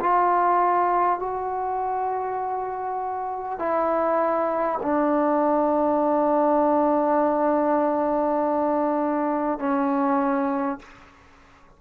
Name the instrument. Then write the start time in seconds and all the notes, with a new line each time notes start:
trombone
0.00 F4
1.19 F#4
3.59 E4
4.82 D4
9.59 C#4